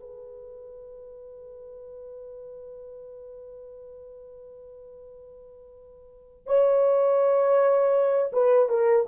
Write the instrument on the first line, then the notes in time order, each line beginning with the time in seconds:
horn
0.00 B4
6.47 C#5
8.33 B4
8.69 A#4